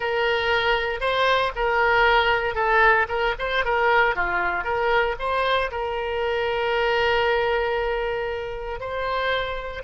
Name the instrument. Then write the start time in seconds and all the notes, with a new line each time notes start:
oboe
0.00 A#4
1.00 C5
1.55 A#4
2.55 A4
3.08 A#4
3.39 C5
3.64 A#4
4.15 F4
4.64 A#4
5.19 C5
5.71 A#4
8.80 C5